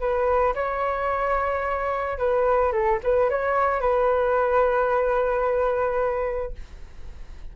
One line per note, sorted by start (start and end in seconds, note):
0.00 0.55 B4
0.55 2.19 C#5
2.19 2.72 B4
2.72 3.00 A4
3.04 3.30 B4
3.30 3.81 C#5
3.81 6.54 B4